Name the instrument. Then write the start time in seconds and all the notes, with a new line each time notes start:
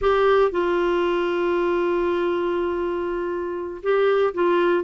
clarinet
0.01 G4
0.51 F4
3.82 G4
4.34 F4